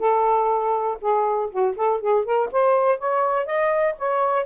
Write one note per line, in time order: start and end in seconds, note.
0.00 0.98 A4
1.01 1.51 G#4
1.51 1.76 F#4
1.77 2.01 A4
2.01 2.25 G#4
2.25 2.50 A#4
2.52 2.99 C5
2.99 3.46 C#5
3.46 3.95 D#5
3.99 4.46 C#5